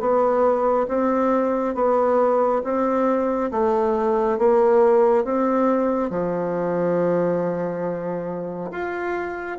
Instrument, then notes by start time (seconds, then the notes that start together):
bassoon
0.00 B3
0.88 C4
1.75 B3
2.64 C4
3.51 A3
4.39 A#3
5.25 C4
6.10 F3
8.71 F4